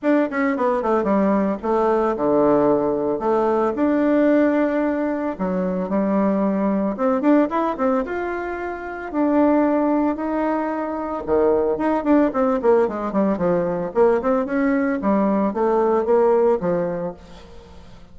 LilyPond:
\new Staff \with { instrumentName = "bassoon" } { \time 4/4 \tempo 4 = 112 d'8 cis'8 b8 a8 g4 a4 | d2 a4 d'4~ | d'2 fis4 g4~ | g4 c'8 d'8 e'8 c'8 f'4~ |
f'4 d'2 dis'4~ | dis'4 dis4 dis'8 d'8 c'8 ais8 | gis8 g8 f4 ais8 c'8 cis'4 | g4 a4 ais4 f4 | }